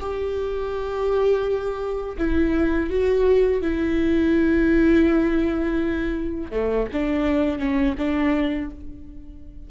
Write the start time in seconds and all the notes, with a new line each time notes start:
0.00 G4
2.18 E4
2.90 F#4
3.62 E4
6.51 A3
6.93 D4
7.59 C#4
7.98 D4